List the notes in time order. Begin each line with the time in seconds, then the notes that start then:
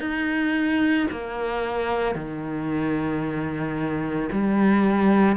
0.00 D#4
1.11 A#3
2.15 D#3
4.32 G3